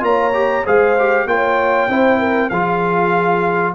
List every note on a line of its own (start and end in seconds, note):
0.00 0.64 A#3
0.00 0.31 F4
0.00 0.64 C#5
0.00 0.66 A#5
0.34 0.65 G4
0.64 1.26 G#3
0.64 0.97 G#4
0.64 1.26 C5
0.64 1.28 F5
0.99 1.29 G4
1.26 1.88 A#3
1.26 1.90 F4
1.26 1.90 C#5
1.26 2.50 G5
1.88 2.50 C4
1.88 2.52 E4
1.88 2.19 C5
2.19 2.50 A#4
2.50 3.75 F3
2.50 3.75 F4
2.50 3.75 G#4
2.50 3.74 F5